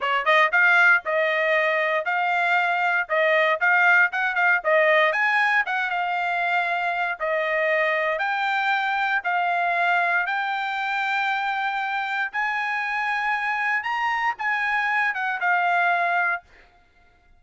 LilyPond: \new Staff \with { instrumentName = "trumpet" } { \time 4/4 \tempo 4 = 117 cis''8 dis''8 f''4 dis''2 | f''2 dis''4 f''4 | fis''8 f''8 dis''4 gis''4 fis''8 f''8~ | f''2 dis''2 |
g''2 f''2 | g''1 | gis''2. ais''4 | gis''4. fis''8 f''2 | }